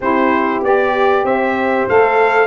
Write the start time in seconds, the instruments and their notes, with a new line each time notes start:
0.00 tuba C4, saxophone E4, horn G4, trumpet C5
0.62 tuba B3, saxophone G4, trumpet D5
1.24 tuba C4, horn C5, trumpet E5
1.88 tuba A3, saxophone A4, trumpet F5